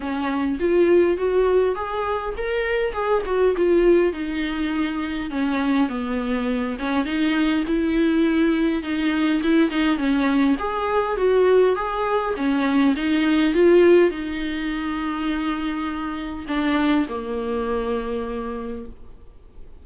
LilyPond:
\new Staff \with { instrumentName = "viola" } { \time 4/4 \tempo 4 = 102 cis'4 f'4 fis'4 gis'4 | ais'4 gis'8 fis'8 f'4 dis'4~ | dis'4 cis'4 b4. cis'8 | dis'4 e'2 dis'4 |
e'8 dis'8 cis'4 gis'4 fis'4 | gis'4 cis'4 dis'4 f'4 | dis'1 | d'4 ais2. | }